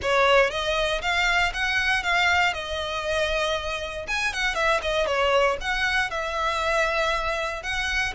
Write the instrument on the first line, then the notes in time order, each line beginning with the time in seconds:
violin
0.02 C#5
0.50 D#5
1.01 F5
1.53 F#5
2.03 F5
2.53 D#5
4.07 G#5
4.33 F#5
4.55 E5
4.81 D#5
5.06 C#5
5.60 F#5
6.10 E5
7.62 F#5